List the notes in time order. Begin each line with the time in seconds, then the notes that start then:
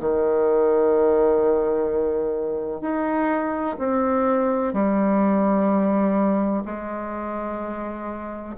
0.00 D#3
2.81 D#4
3.79 C4
4.73 G3
6.65 G#3